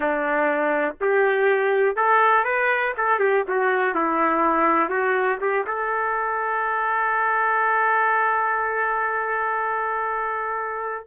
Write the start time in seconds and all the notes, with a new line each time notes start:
0.00 D4
1.00 G4
1.96 A4
2.44 B4
2.97 A4
3.19 G4
3.48 F#4
3.94 E4
4.89 F#4
5.40 G4
5.66 A4